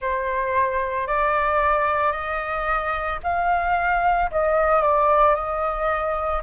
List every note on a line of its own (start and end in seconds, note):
0.00 1.07 C5
1.07 2.12 D5
2.12 3.19 D#5
3.23 4.30 F5
4.31 4.82 D#5
4.82 5.35 D5
5.35 6.42 D#5